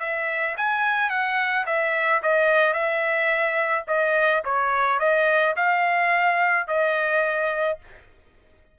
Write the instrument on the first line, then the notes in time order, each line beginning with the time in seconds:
trumpet
0.00 E5
0.57 G#5
1.10 F#5
1.66 E5
2.23 D#5
2.73 E5
3.87 D#5
4.45 C#5
4.99 D#5
5.56 F5
6.68 D#5